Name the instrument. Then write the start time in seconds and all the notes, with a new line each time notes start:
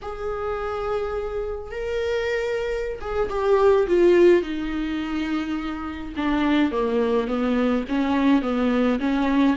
viola
0.02 G#4
1.71 A#4
3.00 G#4
3.29 G4
3.87 F4
4.42 D#4
6.16 D4
6.71 A#3
7.27 B3
7.88 C#4
8.42 B3
8.99 C#4